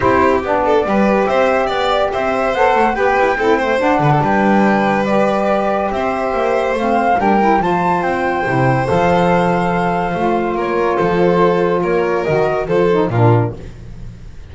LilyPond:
<<
  \new Staff \with { instrumentName = "flute" } { \time 4/4 \tempo 4 = 142 c''4 d''2 e''4 | d''4 e''4 fis''4 g''4~ | g''4 fis''4 g''2 | d''2 e''2 |
f''4 g''4 a''4 g''4~ | g''4 f''2.~ | f''4 cis''4 c''2 | cis''4 dis''4 c''4 ais'4 | }
  \new Staff \with { instrumentName = "violin" } { \time 4/4 g'4. a'8 b'4 c''4 | d''4 c''2 b'4 | a'8 c''4 b'16 a'16 b'2~ | b'2 c''2~ |
c''4 ais'4 c''2~ | c''1~ | c''4 ais'4 a'2 | ais'2 a'4 f'4 | }
  \new Staff \with { instrumentName = "saxophone" } { \time 4/4 e'4 d'4 g'2~ | g'2 a'4 g'4 | e'8 a8 d'2. | g'1 |
c'4 d'8 e'8 f'2 | e'4 a'2. | f'1~ | f'4 fis'4 f'8 dis'8 d'4 | }
  \new Staff \with { instrumentName = "double bass" } { \time 4/4 c'4 b4 g4 c'4 | b4 c'4 b8 a8 b8 e'8 | c'4 d'8 d8 g2~ | g2 c'4 ais4 |
a4 g4 f4 c'4 | c4 f2. | a4 ais4 f2 | ais4 dis4 f4 ais,4 | }
>>